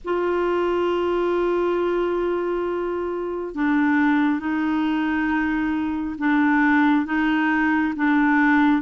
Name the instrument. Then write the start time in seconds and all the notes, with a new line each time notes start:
clarinet
0.04 F4
3.55 D4
4.39 D#4
6.18 D4
7.05 D#4
7.95 D4